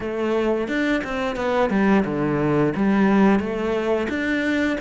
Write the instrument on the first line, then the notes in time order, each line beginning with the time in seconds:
cello
0.00 A3
0.68 D4
1.04 C4
1.35 B3
1.70 G3
2.05 D3
2.76 G3
3.39 A3
4.09 D4